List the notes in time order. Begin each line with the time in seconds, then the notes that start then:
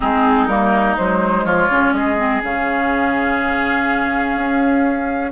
0.00 G#3 C4 D#4 G#4
0.46 G3 A#3 A#4
0.96 F#3 G#3 C5
1.44 F3 F4 C#5
1.70 C#3 C#4
1.92 G#3 G#4 D#5
2.17 C4
2.42 C#3 C#4 F5
4.36 C#4